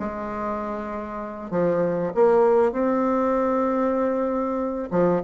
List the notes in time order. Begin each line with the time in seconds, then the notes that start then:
0.00 G#3
1.51 F3
2.15 A#3
2.73 C4
4.91 F3